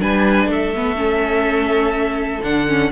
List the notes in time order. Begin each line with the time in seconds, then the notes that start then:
0.00 G3 D4 B4 G#5
0.45 A3 A4
0.52 E5
0.76 B3
0.96 C#4
2.43 D3 D4 F#5
2.68 C#4